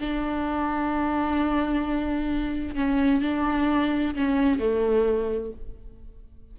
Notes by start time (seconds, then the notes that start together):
0.00 D4
2.75 C#4
3.22 D4
4.15 C#4
4.59 A3